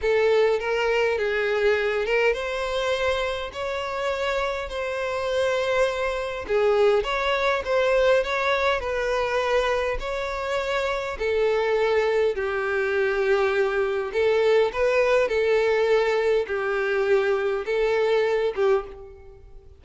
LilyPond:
\new Staff \with { instrumentName = "violin" } { \time 4/4 \tempo 4 = 102 a'4 ais'4 gis'4. ais'8 | c''2 cis''2 | c''2. gis'4 | cis''4 c''4 cis''4 b'4~ |
b'4 cis''2 a'4~ | a'4 g'2. | a'4 b'4 a'2 | g'2 a'4. g'8 | }